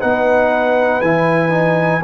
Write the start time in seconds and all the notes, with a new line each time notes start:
0.00 B3 D#4 B4 F#5
1.01 E3 E4 G#5
1.50 D#4